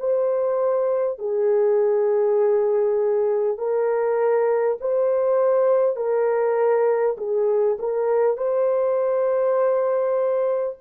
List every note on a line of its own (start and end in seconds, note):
0.00 1.19 C5
1.19 3.58 G#4
3.58 4.78 A#4
4.81 5.97 C5
5.97 7.17 A#4
7.18 7.78 G#4
7.79 8.37 A#4
8.37 10.77 C5